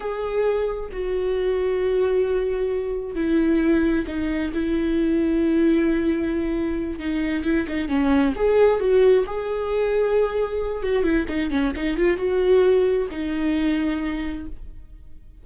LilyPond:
\new Staff \with { instrumentName = "viola" } { \time 4/4 \tempo 4 = 133 gis'2 fis'2~ | fis'2. e'4~ | e'4 dis'4 e'2~ | e'2.~ e'8 dis'8~ |
dis'8 e'8 dis'8 cis'4 gis'4 fis'8~ | fis'8 gis'2.~ gis'8 | fis'8 e'8 dis'8 cis'8 dis'8 f'8 fis'4~ | fis'4 dis'2. | }